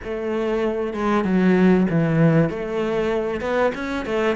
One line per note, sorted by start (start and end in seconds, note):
0.04 0.93 A3
0.93 1.24 G#3
1.24 1.86 F#3
1.90 2.49 E3
2.49 3.41 A3
3.41 3.72 B3
3.74 4.05 C#4
4.05 4.36 A3